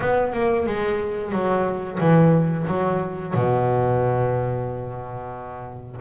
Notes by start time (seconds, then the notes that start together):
0.00 B3
0.32 A#3
0.66 G#3
1.32 F#3
1.99 E3
2.67 F#3
3.34 B2